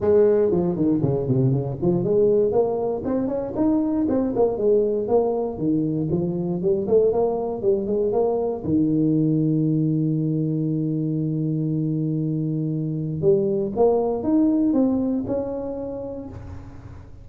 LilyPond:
\new Staff \with { instrumentName = "tuba" } { \time 4/4 \tempo 4 = 118 gis4 f8 dis8 cis8 c8 cis8 f8 | gis4 ais4 c'8 cis'8 dis'4 | c'8 ais8 gis4 ais4 dis4 | f4 g8 a8 ais4 g8 gis8 |
ais4 dis2.~ | dis1~ | dis2 g4 ais4 | dis'4 c'4 cis'2 | }